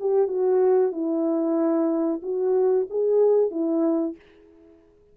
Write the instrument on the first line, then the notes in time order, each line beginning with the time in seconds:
horn
0.00 G4
0.28 F#4
0.92 E4
2.23 F#4
2.90 G#4
3.51 E4